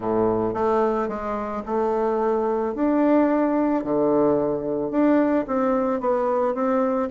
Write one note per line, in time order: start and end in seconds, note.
0.00 0.54 A2
0.54 1.08 A3
1.08 1.62 G#3
1.65 2.74 A3
2.74 3.84 D4
3.84 4.90 D3
4.90 5.45 D4
5.47 6.00 C4
6.00 6.54 B3
6.54 7.09 C4